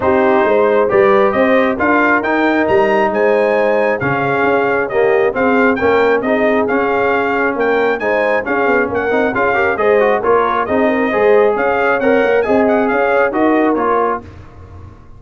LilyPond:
<<
  \new Staff \with { instrumentName = "trumpet" } { \time 4/4 \tempo 4 = 135 c''2 d''4 dis''4 | f''4 g''4 ais''4 gis''4~ | gis''4 f''2 dis''4 | f''4 g''4 dis''4 f''4~ |
f''4 g''4 gis''4 f''4 | fis''4 f''4 dis''4 cis''4 | dis''2 f''4 fis''4 | gis''8 fis''8 f''4 dis''4 cis''4 | }
  \new Staff \with { instrumentName = "horn" } { \time 4/4 g'4 c''4 b'4 c''4 | ais'2. c''4~ | c''4 gis'2 g'4 | gis'4 ais'4 gis'2~ |
gis'4 ais'4 c''4 gis'4 | ais'4 gis'8 ais'8 c''4 ais'4 | gis'8 ais'8 c''4 cis''2 | dis''4 cis''4 ais'2 | }
  \new Staff \with { instrumentName = "trombone" } { \time 4/4 dis'2 g'2 | f'4 dis'2.~ | dis'4 cis'2 ais4 | c'4 cis'4 dis'4 cis'4~ |
cis'2 dis'4 cis'4~ | cis'8 dis'8 f'8 g'8 gis'8 fis'8 f'4 | dis'4 gis'2 ais'4 | gis'2 fis'4 f'4 | }
  \new Staff \with { instrumentName = "tuba" } { \time 4/4 c'4 gis4 g4 c'4 | d'4 dis'4 g4 gis4~ | gis4 cis4 cis'2 | c'4 ais4 c'4 cis'4~ |
cis'4 ais4 gis4 cis'8 b8 | ais8 c'8 cis'4 gis4 ais4 | c'4 gis4 cis'4 c'8 ais8 | c'4 cis'4 dis'4 ais4 | }
>>